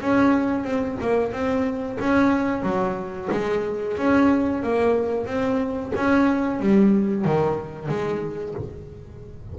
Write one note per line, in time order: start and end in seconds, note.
0.00 0.64 C#4
0.64 0.97 C4
1.00 1.32 A#3
1.32 1.98 C4
1.99 2.62 C#4
2.62 3.28 F#3
3.31 3.97 G#3
3.97 4.63 C#4
4.63 5.26 A#3
5.26 5.92 C4
5.96 6.59 C#4
6.59 7.24 G3
7.24 7.88 D#3
7.88 8.54 G#3